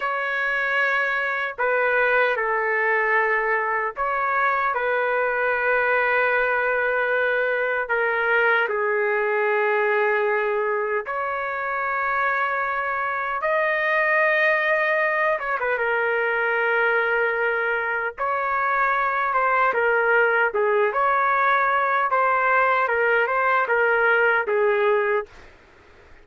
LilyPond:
\new Staff \with { instrumentName = "trumpet" } { \time 4/4 \tempo 4 = 76 cis''2 b'4 a'4~ | a'4 cis''4 b'2~ | b'2 ais'4 gis'4~ | gis'2 cis''2~ |
cis''4 dis''2~ dis''8 cis''16 b'16 | ais'2. cis''4~ | cis''8 c''8 ais'4 gis'8 cis''4. | c''4 ais'8 c''8 ais'4 gis'4 | }